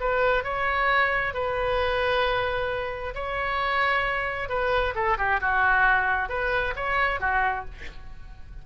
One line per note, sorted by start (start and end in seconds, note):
0.00 0.44 B4
0.44 1.33 C#5
1.33 3.14 B4
3.14 4.49 C#5
4.49 4.94 B4
4.95 5.17 A4
5.18 5.40 G4
5.40 6.29 F#4
6.29 6.74 B4
6.76 7.20 C#5
7.20 7.65 F#4